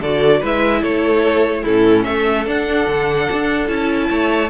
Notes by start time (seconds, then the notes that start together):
0.00 D3 F#4 A4 D5
0.40 G#3 E4 B4 E5
0.81 A3 A4 C#5
1.62 A2 C#4 E4 A4
2.04 A3 A4 E5
2.46 D4 F#5
2.87 D3
3.32 D4
3.67 C#4 E4 A5
4.09 A3 C#5